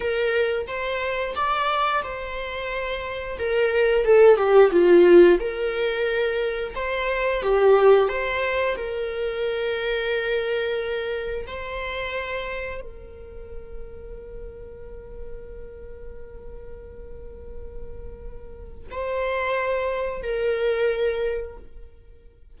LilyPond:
\new Staff \with { instrumentName = "viola" } { \time 4/4 \tempo 4 = 89 ais'4 c''4 d''4 c''4~ | c''4 ais'4 a'8 g'8 f'4 | ais'2 c''4 g'4 | c''4 ais'2.~ |
ais'4 c''2 ais'4~ | ais'1~ | ais'1 | c''2 ais'2 | }